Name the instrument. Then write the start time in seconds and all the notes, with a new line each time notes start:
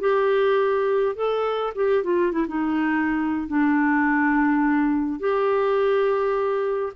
clarinet
0.00 G4
1.16 A4
1.75 G4
2.03 F4
2.32 E4
2.48 D#4
3.47 D4
5.20 G4